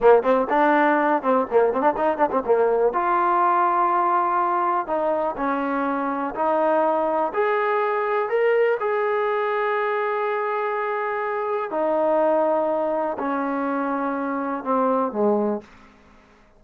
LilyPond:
\new Staff \with { instrumentName = "trombone" } { \time 4/4 \tempo 4 = 123 ais8 c'8 d'4. c'8 ais8 c'16 d'16 | dis'8 d'16 c'16 ais4 f'2~ | f'2 dis'4 cis'4~ | cis'4 dis'2 gis'4~ |
gis'4 ais'4 gis'2~ | gis'1 | dis'2. cis'4~ | cis'2 c'4 gis4 | }